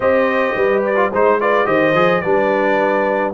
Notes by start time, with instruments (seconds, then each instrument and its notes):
0.00 tuba C4, trombone G4, horn C5, trumpet D#5
0.55 tuba G3, horn B4
0.85 trumpet D5
0.95 trombone F4
1.10 tuba G#3, trombone D#4, horn C5, trumpet C5
1.40 trombone F4, horn B4, trumpet D5
1.65 tuba D#3, trombone G4, horn C5, trumpet D#5
1.94 tuba F3, trombone G#4
2.21 tuba G3, trombone D4, horn B4, trumpet D5